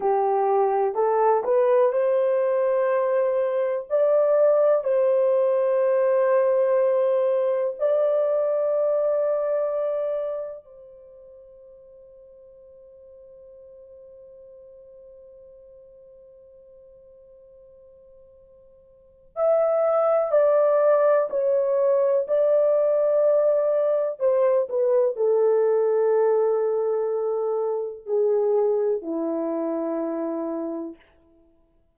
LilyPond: \new Staff \with { instrumentName = "horn" } { \time 4/4 \tempo 4 = 62 g'4 a'8 b'8 c''2 | d''4 c''2. | d''2. c''4~ | c''1~ |
c''1 | e''4 d''4 cis''4 d''4~ | d''4 c''8 b'8 a'2~ | a'4 gis'4 e'2 | }